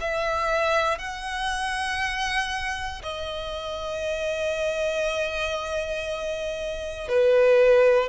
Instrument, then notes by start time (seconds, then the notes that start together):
violin
0.00 E5
0.98 F#5
3.02 D#5
7.08 B4